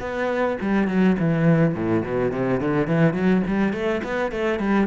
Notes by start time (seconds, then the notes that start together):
0.00 B3
0.61 G3
0.88 F#3
1.19 E3
1.75 A2
2.05 B2
2.32 C3
2.61 D3
2.87 E3
3.14 F#3
3.47 G3
3.73 A3
4.04 B3
4.32 A3
4.59 G3